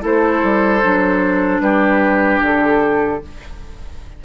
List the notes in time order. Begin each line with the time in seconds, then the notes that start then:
0.00 A3 E4 A4 C5
0.43 G3
0.82 F#3 D4
1.60 G3 G4 B4
2.41 D3 A4